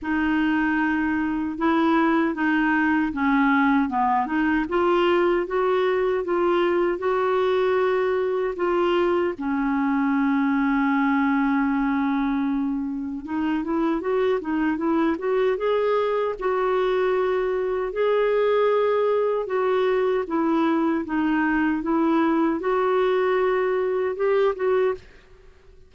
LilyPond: \new Staff \with { instrumentName = "clarinet" } { \time 4/4 \tempo 4 = 77 dis'2 e'4 dis'4 | cis'4 b8 dis'8 f'4 fis'4 | f'4 fis'2 f'4 | cis'1~ |
cis'4 dis'8 e'8 fis'8 dis'8 e'8 fis'8 | gis'4 fis'2 gis'4~ | gis'4 fis'4 e'4 dis'4 | e'4 fis'2 g'8 fis'8 | }